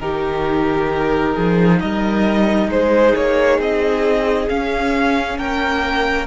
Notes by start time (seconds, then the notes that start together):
0.00 D#3 D#4 G4 A#4
1.35 F3 G#4
1.81 G3 A#4 D#5
2.69 G#3 G#4 C5
3.16 A#3 C#5
3.59 C4 D#5
4.49 C#4 F5
5.38 A#3 A#4 G5